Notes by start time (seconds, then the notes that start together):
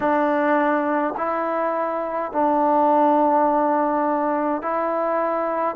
0.00 D4
1.17 E4
2.31 D4
4.62 E4